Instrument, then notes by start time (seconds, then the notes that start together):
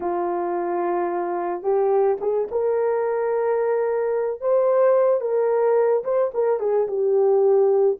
horn
0.00 F4
1.62 G4
2.20 G#4
2.51 A#4
4.41 C5
5.20 A#4
6.04 C5
6.34 A#4
6.59 G#4
6.87 G4